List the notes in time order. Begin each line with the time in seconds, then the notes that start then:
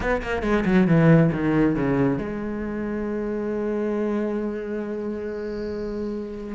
0.00 B3
0.22 A#3
0.42 G#3
0.65 F#3
0.87 E3
1.32 D#3
1.75 C#3
2.18 G#3